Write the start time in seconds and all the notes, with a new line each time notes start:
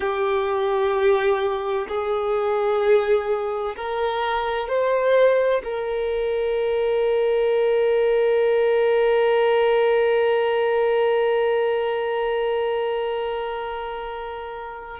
0.00 G4
1.88 G#4
3.76 A#4
4.68 C5
5.63 A#4